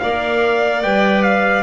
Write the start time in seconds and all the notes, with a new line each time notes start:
0.00 A#3 A#4 D5 F5
0.83 G3 B4 G5
1.23 F5